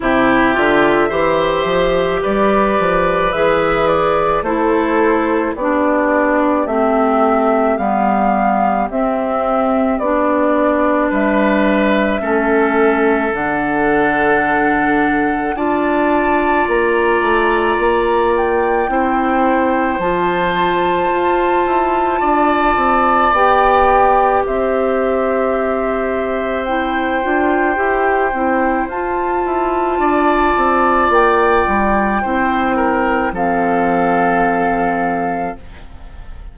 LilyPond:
<<
  \new Staff \with { instrumentName = "flute" } { \time 4/4 \tempo 4 = 54 e''2 d''4 e''8 d''8 | c''4 d''4 e''4 f''4 | e''4 d''4 e''2 | fis''2 a''4 ais''4~ |
ais''8 g''4. a''2~ | a''4 g''4 e''2 | g''2 a''2 | g''2 f''2 | }
  \new Staff \with { instrumentName = "oboe" } { \time 4/4 g'4 c''4 b'2 | a'4 g'2.~ | g'2 b'4 a'4~ | a'2 d''2~ |
d''4 c''2. | d''2 c''2~ | c''2. d''4~ | d''4 c''8 ais'8 a'2 | }
  \new Staff \with { instrumentName = "clarinet" } { \time 4/4 e'8 f'8 g'2 gis'4 | e'4 d'4 c'4 b4 | c'4 d'2 cis'4 | d'2 f'2~ |
f'4 e'4 f'2~ | f'4 g'2. | e'8 f'8 g'8 e'8 f'2~ | f'4 e'4 c'2 | }
  \new Staff \with { instrumentName = "bassoon" } { \time 4/4 c8 d8 e8 f8 g8 f8 e4 | a4 b4 a4 g4 | c'4 b4 g4 a4 | d2 d'4 ais8 a8 |
ais4 c'4 f4 f'8 e'8 | d'8 c'8 b4 c'2~ | c'8 d'8 e'8 c'8 f'8 e'8 d'8 c'8 | ais8 g8 c'4 f2 | }
>>